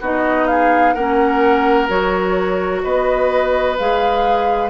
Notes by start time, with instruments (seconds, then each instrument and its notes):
0.00 bassoon B3, clarinet D#4, oboe F#4, flute D#5
0.47 oboe G#4, flute F5
0.93 bassoon A#3, clarinet C#4, oboe A#4, flute F#5
1.88 bassoon F#3, clarinet F#4, flute C#5
2.83 bassoon B3, oboe B4, flute D#5
3.77 bassoon G#3, clarinet G#4, flute F5